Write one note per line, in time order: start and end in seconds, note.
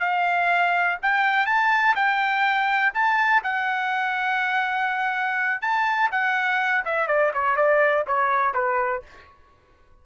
0.00 0.98 F5
1.02 1.47 G5
1.47 1.95 A5
1.96 2.93 G5
2.94 3.43 A5
3.44 5.62 F#5
5.62 6.11 A5
6.12 6.85 F#5
6.85 7.08 E5
7.08 7.32 D5
7.34 7.56 C#5
7.56 8.05 D5
8.07 8.54 C#5
8.54 9.03 B4